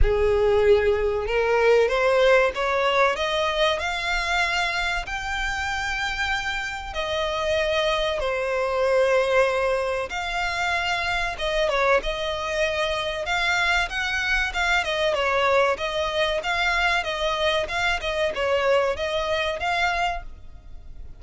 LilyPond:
\new Staff \with { instrumentName = "violin" } { \time 4/4 \tempo 4 = 95 gis'2 ais'4 c''4 | cis''4 dis''4 f''2 | g''2. dis''4~ | dis''4 c''2. |
f''2 dis''8 cis''8 dis''4~ | dis''4 f''4 fis''4 f''8 dis''8 | cis''4 dis''4 f''4 dis''4 | f''8 dis''8 cis''4 dis''4 f''4 | }